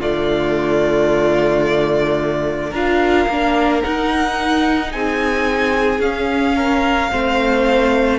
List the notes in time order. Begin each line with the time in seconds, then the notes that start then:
0.00 D3 A3 F4 D5
2.70 D4 F4 A#4 F5
3.28 A#3 D4
3.83 D#4 F#5
4.92 C4 G#4 G#5
6.00 C#4 F5
6.56 A#4
7.11 A3 C4 C5